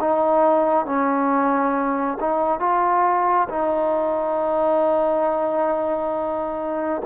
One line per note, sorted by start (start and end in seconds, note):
0.00 0.86 D#4
0.86 2.18 C#4
2.20 2.60 D#4
2.60 3.48 F4
3.49 7.02 D#4